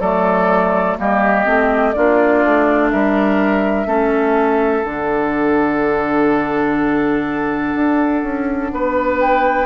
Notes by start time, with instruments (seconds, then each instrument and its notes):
0.00 bassoon F#3, clarinet A3, oboe A4, flute D5
0.99 bassoon G3, clarinet A#3, oboe G4, flute D#5
1.46 bassoon A3, clarinet C4
1.93 bassoon A#3, clarinet D4, oboe F4, flute D5
2.45 bassoon A3
2.91 bassoon G3, oboe A#4, flute E5
3.86 bassoon A3, clarinet C#4, oboe A4
4.84 bassoon D3, clarinet D4, flute F#5
7.75 bassoon D4
8.23 bassoon C#4
8.73 bassoon B3, oboe B4
9.20 flute G5